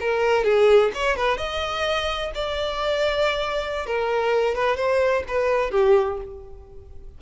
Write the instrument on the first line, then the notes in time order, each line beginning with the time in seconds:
violin
0.00 A#4
0.44 G#4
0.94 C#5
1.16 B4
1.37 D#5
2.34 D5
3.86 A#4
4.55 B4
4.76 C5
5.28 B4
5.71 G4